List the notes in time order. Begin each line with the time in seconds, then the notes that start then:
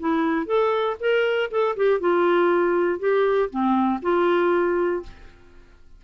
0.00 E4
0.47 A4
1.01 A#4
1.51 A4
1.77 G4
2.00 F4
3.00 G4
3.51 C4
4.02 F4